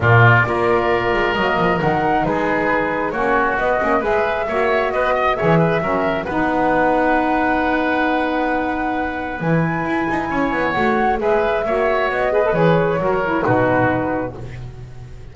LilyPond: <<
  \new Staff \with { instrumentName = "flute" } { \time 4/4 \tempo 4 = 134 d''2. dis''4 | fis''4 b'2 cis''4 | dis''4 e''2 dis''4 | e''2 fis''2~ |
fis''1~ | fis''4 gis''2. | fis''4 e''2 dis''4 | cis''2 b'2 | }
  \new Staff \with { instrumentName = "oboe" } { \time 4/4 f'4 ais'2.~ | ais'4 gis'2 fis'4~ | fis'4 b'4 cis''4 b'8 dis''8 | cis''8 b'8 ais'4 b'2~ |
b'1~ | b'2. cis''4~ | cis''4 b'4 cis''4. b'8~ | b'4 ais'4 fis'2 | }
  \new Staff \with { instrumentName = "saxophone" } { \time 4/4 ais4 f'2 ais4 | dis'2. cis'4 | b8 cis'8 gis'4 fis'2 | gis'4 cis'4 dis'2~ |
dis'1~ | dis'4 e'2. | fis'4 gis'4 fis'4. gis'16 a'16 | gis'4 fis'8 e'8 dis'2 | }
  \new Staff \with { instrumentName = "double bass" } { \time 4/4 ais,4 ais4. gis8 fis8 f8 | dis4 gis2 ais4 | b8 ais8 gis4 ais4 b4 | e4 fis4 b2~ |
b1~ | b4 e4 e'8 dis'8 cis'8 b8 | a4 gis4 ais4 b4 | e4 fis4 b,2 | }
>>